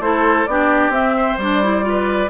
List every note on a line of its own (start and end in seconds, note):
0.00 0.46 A3
0.00 0.48 E4
0.00 0.50 A4
0.00 0.47 C5
0.47 0.90 B3
0.47 0.94 D4
0.47 1.17 G4
0.47 0.92 D5
0.90 1.35 C4
0.90 1.40 C4
0.90 1.39 E5
1.17 1.85 C5
1.38 2.30 G3
1.38 1.64 D4
1.38 2.31 D5
1.64 1.83 E4
1.83 2.28 F4
1.89 2.31 B4